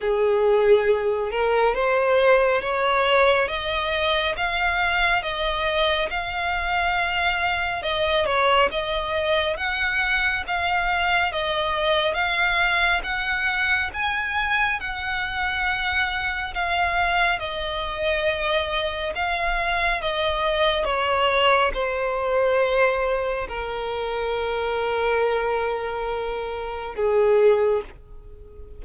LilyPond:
\new Staff \with { instrumentName = "violin" } { \time 4/4 \tempo 4 = 69 gis'4. ais'8 c''4 cis''4 | dis''4 f''4 dis''4 f''4~ | f''4 dis''8 cis''8 dis''4 fis''4 | f''4 dis''4 f''4 fis''4 |
gis''4 fis''2 f''4 | dis''2 f''4 dis''4 | cis''4 c''2 ais'4~ | ais'2. gis'4 | }